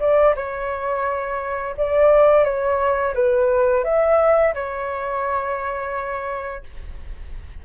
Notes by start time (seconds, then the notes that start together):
0.00 D5
0.36 C#5
1.77 D5
2.44 C#5
3.14 B4
3.84 E5
4.54 C#5